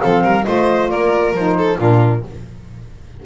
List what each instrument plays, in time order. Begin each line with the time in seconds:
0.00 double bass F3, saxophone C4, violin A4, flute F5
0.23 double bass G3, violin A#4
0.44 double bass A3, saxophone F4, violin C5, flute D#5
0.89 double bass A#3, violin A#4, flute D5
1.33 double bass F3, saxophone D#4, flute C5
1.57 violin A4
1.78 double bass A#2, saxophone D4, violin F4, flute A#4